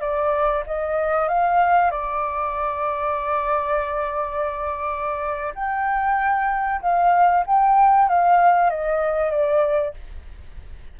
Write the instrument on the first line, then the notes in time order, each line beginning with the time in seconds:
flute
0.00 D5
0.66 D#5
1.28 F5
1.91 D5
5.55 G5
6.82 F5
7.46 G5
8.08 F5
8.70 D#5
9.31 D5